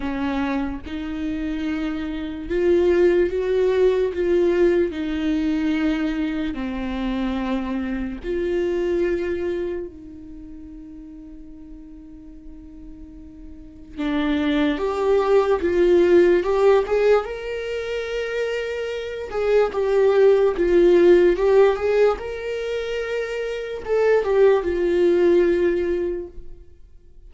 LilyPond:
\new Staff \with { instrumentName = "viola" } { \time 4/4 \tempo 4 = 73 cis'4 dis'2 f'4 | fis'4 f'4 dis'2 | c'2 f'2 | dis'1~ |
dis'4 d'4 g'4 f'4 | g'8 gis'8 ais'2~ ais'8 gis'8 | g'4 f'4 g'8 gis'8 ais'4~ | ais'4 a'8 g'8 f'2 | }